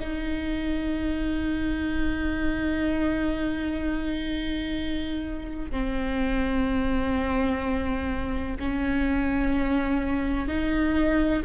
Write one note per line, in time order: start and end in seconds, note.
0.00 5.71 D#4
5.71 8.57 C4
8.59 10.48 C#4
10.48 11.43 D#4